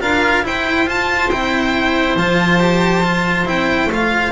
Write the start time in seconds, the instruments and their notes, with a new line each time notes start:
0.00 double bass D4, cello F4, oboe A#4, violin F5
0.43 cello E4, double bass E4, oboe C5, violin G5
0.86 cello F4, double bass F4, violin A5
1.30 double bass C4, cello E4, violin G5
2.16 double bass F3, cello F4, violin A5
2.59 cello G4
3.03 cello F4
3.45 double bass C4, cello E4, violin G5
3.87 double bass A3, cello F4
3.93 violin F5